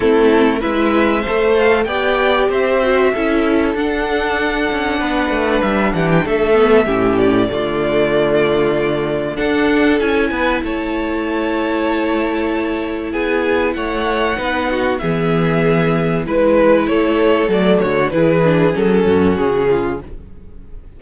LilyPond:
<<
  \new Staff \with { instrumentName = "violin" } { \time 4/4 \tempo 4 = 96 a'4 e''4. f''8 g''4 | e''2 fis''2~ | fis''4 e''8 fis''16 g''16 e''4. d''8~ | d''2. fis''4 |
gis''4 a''2.~ | a''4 gis''4 fis''2 | e''2 b'4 cis''4 | d''8 cis''8 b'4 a'4 gis'4 | }
  \new Staff \with { instrumentName = "violin" } { \time 4/4 e'4 b'4 c''4 d''4 | c''4 a'2. | b'4. g'8 a'4 g'4 | f'2. a'4~ |
a'8 b'8 cis''2.~ | cis''4 gis'4 cis''4 b'8 fis'8 | gis'2 b'4 a'4~ | a'8 fis'8 gis'4. fis'4 f'8 | }
  \new Staff \with { instrumentName = "viola" } { \time 4/4 c'4 e'4 a'4 g'4~ | g'8 fis'8 e'4 d'2~ | d'2~ d'8 b8 cis'4 | a2. d'4 |
e'1~ | e'2. dis'4 | b2 e'2 | a4 e'8 d'8 cis'2 | }
  \new Staff \with { instrumentName = "cello" } { \time 4/4 a4 gis4 a4 b4 | c'4 cis'4 d'4. cis'8 | b8 a8 g8 e8 a4 a,4 | d2. d'4 |
cis'8 b8 a2.~ | a4 b4 a4 b4 | e2 gis4 a4 | fis8 d8 e4 fis8 fis,8 cis4 | }
>>